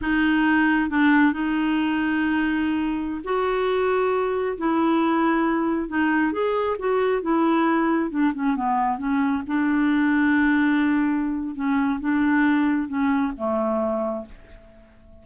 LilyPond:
\new Staff \with { instrumentName = "clarinet" } { \time 4/4 \tempo 4 = 135 dis'2 d'4 dis'4~ | dis'2.~ dis'16 fis'8.~ | fis'2~ fis'16 e'4.~ e'16~ | e'4~ e'16 dis'4 gis'4 fis'8.~ |
fis'16 e'2 d'8 cis'8 b8.~ | b16 cis'4 d'2~ d'8.~ | d'2 cis'4 d'4~ | d'4 cis'4 a2 | }